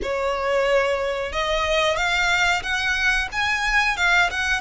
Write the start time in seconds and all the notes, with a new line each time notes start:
0.02 C#5
1.32 D#5
1.96 F5
2.62 F#5
3.31 G#5
3.97 F5
4.30 F#5